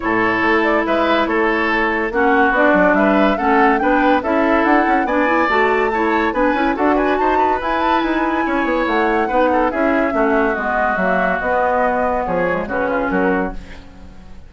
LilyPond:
<<
  \new Staff \with { instrumentName = "flute" } { \time 4/4 \tempo 4 = 142 cis''4. d''8 e''4 cis''4~ | cis''4 fis''4 d''4 e''4 | fis''4 g''4 e''4 fis''4 | gis''4 a''2 gis''4 |
fis''8 gis''8 a''4 gis''8 a''8 gis''4~ | gis''4 fis''2 e''4~ | e''4 dis''4 e''4 dis''4~ | dis''4 cis''4 b'4 ais'4 | }
  \new Staff \with { instrumentName = "oboe" } { \time 4/4 a'2 b'4 a'4~ | a'4 fis'2 b'4 | a'4 b'4 a'2 | d''2 cis''4 b'4 |
a'8 b'8 c''8 b'2~ b'8 | cis''2 b'8 a'8 gis'4 | fis'1~ | fis'4 gis'4 fis'8 f'8 fis'4 | }
  \new Staff \with { instrumentName = "clarinet" } { \time 4/4 e'1~ | e'4 cis'4 d'2 | cis'4 d'4 e'2 | d'8 e'8 fis'4 e'4 d'8 e'8 |
fis'2 e'2~ | e'2 dis'4 e'4 | cis'4 b4 ais4 b4~ | b4. gis8 cis'2 | }
  \new Staff \with { instrumentName = "bassoon" } { \time 4/4 a,4 a4 gis4 a4~ | a4 ais4 b8 fis8 g4 | a4 b4 cis'4 d'8 cis'8 | b4 a2 b8 cis'8 |
d'4 dis'4 e'4 dis'4 | cis'8 b8 a4 b4 cis'4 | a4 gis4 fis4 b4~ | b4 f4 cis4 fis4 | }
>>